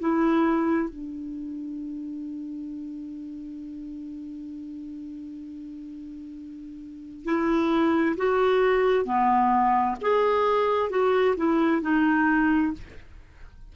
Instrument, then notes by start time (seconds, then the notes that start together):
clarinet
0.00 E4
0.90 D4
7.25 E4
8.17 F#4
9.05 B3
10.02 G#4
10.90 F#4
11.37 E4
11.82 D#4